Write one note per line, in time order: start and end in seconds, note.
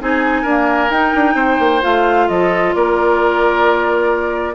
0.00 0.43 C4
0.00 0.45 D#4
0.00 0.42 G#4
0.00 0.91 G#5
0.42 0.93 A#3
0.42 0.89 D4
0.42 1.33 A#4
0.89 1.12 D#4
0.89 1.80 D#4
0.89 1.82 G5
1.15 1.34 D4
1.34 1.57 C4
1.34 2.26 C5
1.59 1.82 A#3
1.80 2.29 A3
1.80 4.53 F4
1.80 2.28 F5
2.28 2.74 F3
2.28 2.75 A4
2.28 2.73 D#5
2.74 4.54 A#3
2.74 4.54 A#4
2.74 4.54 D5